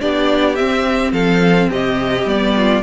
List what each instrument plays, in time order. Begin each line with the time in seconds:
0.00 cello B3, viola D4, violin G4 D5
0.56 viola C4, cello C4, violin E5
1.12 cello F3, violin A4 F5
1.70 cello C3, violin G4 D#5
2.25 cello G3, viola B3, violin D5
2.56 violin F4